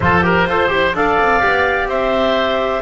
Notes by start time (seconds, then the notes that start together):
0.00 F3 F4 A4 C5
0.22 G4 A#4
0.46 F4 A4 C5
0.67 E4 G4
0.93 D4 A4 D5 F5
1.19 C4
1.40 B3 G4
1.86 C4 C5 E5